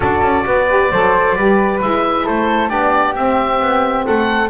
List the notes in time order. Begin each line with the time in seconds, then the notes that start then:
0.00 D4 F#4 A4 D5
0.21 C#4
0.46 B3 B4
0.69 G4
0.91 F#3 A4 C5
1.35 G3 G4 B4
1.81 G#3 E4 E5
2.24 A3 A4 C5
2.69 B3 D4 G4 D5
3.15 C4 E5
3.60 B3
4.05 A3 A4 F#5